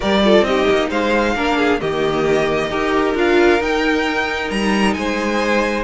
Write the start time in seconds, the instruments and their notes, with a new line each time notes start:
0.00 cello G3, viola G4, violin A#4 D5
0.24 viola F4, violin A4
0.41 cello C4, viola D#4, violin G4 D#5
0.70 cello A#3
0.89 cello G#3, violin C5 F5
1.35 cello A#3, viola D4, violin A#4
1.57 violin G#4
1.80 cello D#3, viola A#3, violin G4 D#5
2.70 cello D#4, viola G4, violin A#4
3.14 cello D4, viola F4, violin F5
3.60 cello D#4, viola D#4, violin G5
4.50 cello G3, violin A#5
4.93 cello G#3, violin C5 G#5